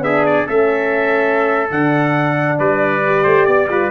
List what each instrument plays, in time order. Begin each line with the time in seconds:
0.00 tuba B3, horn D4, trumpet G#4 E5
0.25 trumpet D5
0.46 tuba A3, horn C#4, trumpet A4 E5
1.71 tuba D3, horn D4, trumpet F#5
2.58 tuba G3, trumpet B4 D5
3.06 horn G4
3.23 tuba A3, trumpet C5
3.45 tuba B3, trumpet D5
3.68 tuba G3, horn F4, trumpet B4